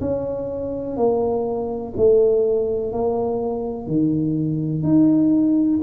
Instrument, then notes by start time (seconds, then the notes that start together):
tuba
0.00 C#4
0.96 A#3
1.96 A3
2.92 A#3
3.87 D#3
4.83 D#4